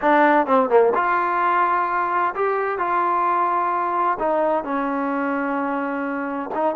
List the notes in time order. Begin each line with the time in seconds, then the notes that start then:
0.01 D4
0.46 C4
0.69 A#3
0.94 F4
2.35 G4
2.78 F4
4.19 D#4
4.64 C#4
6.54 D#4